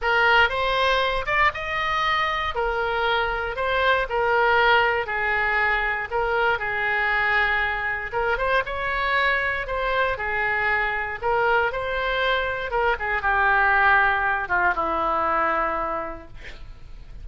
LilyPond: \new Staff \with { instrumentName = "oboe" } { \time 4/4 \tempo 4 = 118 ais'4 c''4. d''8 dis''4~ | dis''4 ais'2 c''4 | ais'2 gis'2 | ais'4 gis'2. |
ais'8 c''8 cis''2 c''4 | gis'2 ais'4 c''4~ | c''4 ais'8 gis'8 g'2~ | g'8 f'8 e'2. | }